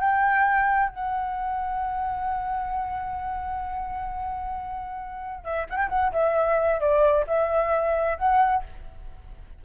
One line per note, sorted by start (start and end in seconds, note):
0.00 0.89 G5
0.89 5.44 F#5
5.44 5.66 E5
5.69 5.77 F#5
5.77 5.88 G5
5.89 6.12 F#5
6.12 6.80 E5
6.80 7.25 D5
7.27 8.17 E5
8.17 8.63 F#5